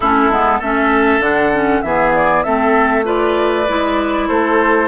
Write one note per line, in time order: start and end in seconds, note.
0.00 0.29 A3
0.00 0.31 C#4
0.00 0.59 E4
0.00 0.61 A4
0.29 0.60 G#3
0.29 0.62 B3
0.59 1.19 A3
0.59 1.21 C#4
0.59 1.81 A4
0.59 1.21 E5
1.19 1.80 D3
1.19 1.52 D4
1.19 1.82 F#5
1.52 1.83 C#4
1.82 2.44 E3
1.82 2.44 B3
1.82 2.44 G#4
1.82 2.12 E5
2.15 2.43 D5
2.43 3.68 A3
2.43 3.04 C4
2.43 3.05 A4
2.43 3.04 E5
3.04 3.65 F4
3.04 4.27 B4
3.04 4.28 D5
3.68 4.29 G#3
3.68 4.88 E4
4.27 4.88 A3
4.27 4.88 A4
4.27 4.88 C5